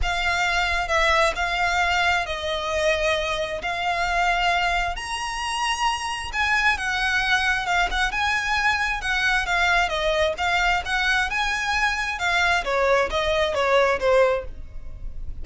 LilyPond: \new Staff \with { instrumentName = "violin" } { \time 4/4 \tempo 4 = 133 f''2 e''4 f''4~ | f''4 dis''2. | f''2. ais''4~ | ais''2 gis''4 fis''4~ |
fis''4 f''8 fis''8 gis''2 | fis''4 f''4 dis''4 f''4 | fis''4 gis''2 f''4 | cis''4 dis''4 cis''4 c''4 | }